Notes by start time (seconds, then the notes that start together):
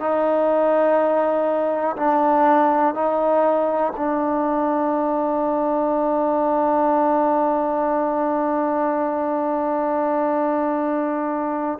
0.00 D#4
1.97 D4
2.95 D#4
3.97 D4